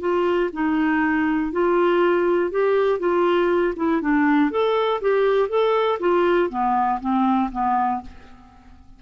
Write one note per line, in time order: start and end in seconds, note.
0.00 0.50 F4
0.53 1.52 D#4
1.52 2.51 F4
2.51 2.99 G4
2.99 3.74 F4
3.76 4.01 E4
4.01 4.51 D4
4.51 5.01 A4
5.01 5.49 G4
5.49 5.99 A4
6.00 6.50 F4
6.50 7.00 B3
7.00 7.50 C4
7.52 8.02 B3